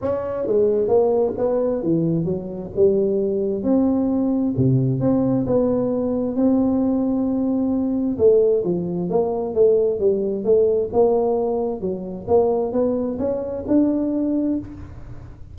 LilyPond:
\new Staff \with { instrumentName = "tuba" } { \time 4/4 \tempo 4 = 132 cis'4 gis4 ais4 b4 | e4 fis4 g2 | c'2 c4 c'4 | b2 c'2~ |
c'2 a4 f4 | ais4 a4 g4 a4 | ais2 fis4 ais4 | b4 cis'4 d'2 | }